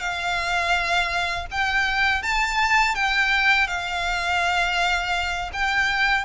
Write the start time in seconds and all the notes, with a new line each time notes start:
0.00 F5
1.51 G5
2.23 A5
2.95 G5
3.68 F5
5.53 G5